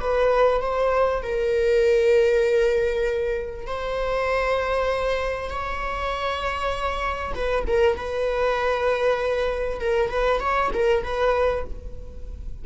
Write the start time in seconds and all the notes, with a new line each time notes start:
0.00 B4
0.61 C5
1.23 A#4
3.66 C5
5.50 C#5
7.34 B4
7.67 A#4
7.96 B4
9.80 A#4
10.09 B4
10.40 C#5
10.73 A#4
11.03 B4